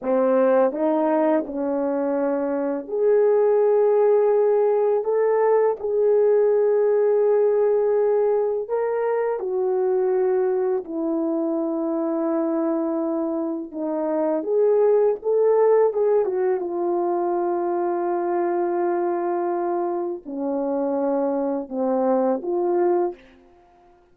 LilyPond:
\new Staff \with { instrumentName = "horn" } { \time 4/4 \tempo 4 = 83 c'4 dis'4 cis'2 | gis'2. a'4 | gis'1 | ais'4 fis'2 e'4~ |
e'2. dis'4 | gis'4 a'4 gis'8 fis'8 f'4~ | f'1 | cis'2 c'4 f'4 | }